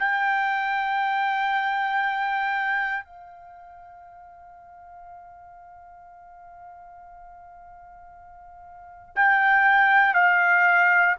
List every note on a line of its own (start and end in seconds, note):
0.00 3.05 G5
3.05 9.15 F5
9.16 10.15 G5
10.15 11.16 F5